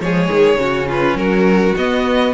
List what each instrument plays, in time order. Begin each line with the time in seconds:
0.00 cello F3, viola G#3, violin G#4 C#5
0.31 cello D#3
0.55 cello C#3, viola C#4, violin F#4
0.88 violin F4 B4
1.15 cello F#3, violin F#4 A#4
1.77 viola B3, cello B3, violin D#5